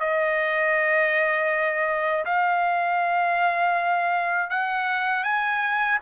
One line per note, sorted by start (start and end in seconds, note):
0.00 2.25 D#5
2.25 4.50 F5
4.50 5.24 F#5
5.24 5.99 G#5